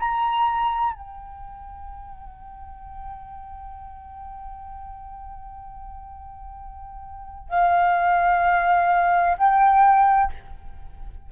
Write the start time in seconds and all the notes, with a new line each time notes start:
0.00 A#5
0.94 G5
7.50 F5
9.38 G5